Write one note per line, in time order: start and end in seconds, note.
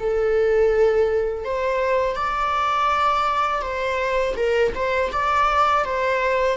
0.00 1.45 A4
1.45 2.16 C5
2.16 3.62 D5
3.62 4.35 C5
4.36 4.73 A#4
4.75 5.12 C5
5.12 5.85 D5
5.85 6.57 C5